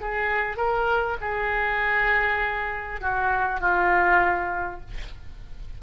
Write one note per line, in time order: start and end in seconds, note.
0.00 0.56 G#4
0.56 1.16 A#4
1.20 3.00 G#4
3.01 3.60 F#4
3.60 4.80 F4